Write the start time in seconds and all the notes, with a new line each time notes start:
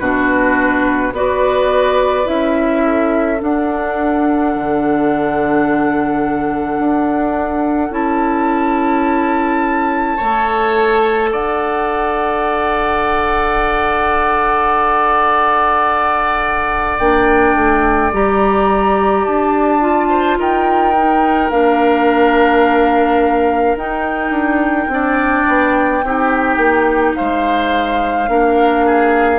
0.00 B2 D4 F#4 B4
1.12 B3 F#4 B4 D5
2.25 C#4 E4 E5
2.84 A4
3.39 D4 F#5
4.56 D3
6.79 D4
7.90 C#4 E4 A5
10.17 A3 A4 C#5
11.32 D4 D5 F#5
16.99 A#3 D4 G5
17.55 A3
18.13 G3 G4 A#5
19.25 D4 A5
19.81 F4
20.10 C5
20.39 D#4 A#4 G5
20.97 D#4
21.50 A#3 D4 F5
23.76 D#4 G5
24.31 D4
24.88 C4 D4 D5
25.48 B3
26.04 C4 D#4 G4
26.57 A#3
27.16 G#3 C5 F5
28.28 A#3 D4 A#4
28.86 G#4